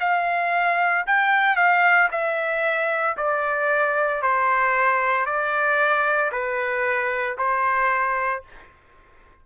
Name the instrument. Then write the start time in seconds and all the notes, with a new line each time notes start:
trumpet
0.00 F5
1.07 G5
1.56 F5
2.11 E5
3.17 D5
4.22 C5
5.26 D5
6.32 B4
7.38 C5